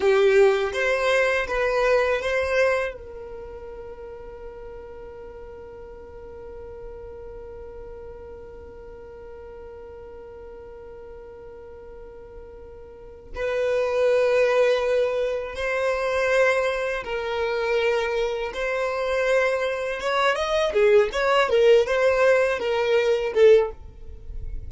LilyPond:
\new Staff \with { instrumentName = "violin" } { \time 4/4 \tempo 4 = 81 g'4 c''4 b'4 c''4 | ais'1~ | ais'1~ | ais'1~ |
ais'2 b'2~ | b'4 c''2 ais'4~ | ais'4 c''2 cis''8 dis''8 | gis'8 cis''8 ais'8 c''4 ais'4 a'8 | }